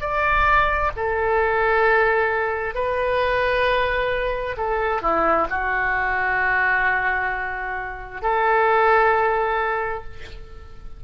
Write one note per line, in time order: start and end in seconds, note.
0.00 0.91 D5
0.96 2.74 A4
2.74 4.56 B4
4.57 5.02 A4
5.02 5.48 E4
5.50 8.22 F#4
8.22 10.04 A4